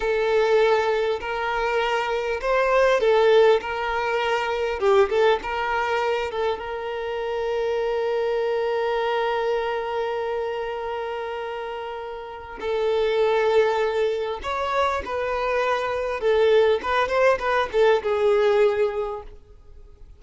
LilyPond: \new Staff \with { instrumentName = "violin" } { \time 4/4 \tempo 4 = 100 a'2 ais'2 | c''4 a'4 ais'2 | g'8 a'8 ais'4. a'8 ais'4~ | ais'1~ |
ais'1~ | ais'4 a'2. | cis''4 b'2 a'4 | b'8 c''8 b'8 a'8 gis'2 | }